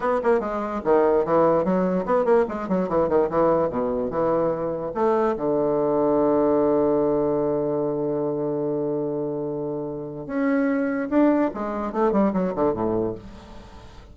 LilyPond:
\new Staff \with { instrumentName = "bassoon" } { \time 4/4 \tempo 4 = 146 b8 ais8 gis4 dis4 e4 | fis4 b8 ais8 gis8 fis8 e8 dis8 | e4 b,4 e2 | a4 d2.~ |
d1~ | d1~ | d4 cis'2 d'4 | gis4 a8 g8 fis8 d8 a,4 | }